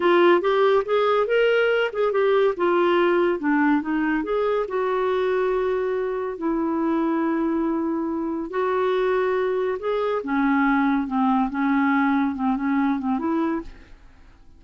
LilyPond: \new Staff \with { instrumentName = "clarinet" } { \time 4/4 \tempo 4 = 141 f'4 g'4 gis'4 ais'4~ | ais'8 gis'8 g'4 f'2 | d'4 dis'4 gis'4 fis'4~ | fis'2. e'4~ |
e'1 | fis'2. gis'4 | cis'2 c'4 cis'4~ | cis'4 c'8 cis'4 c'8 e'4 | }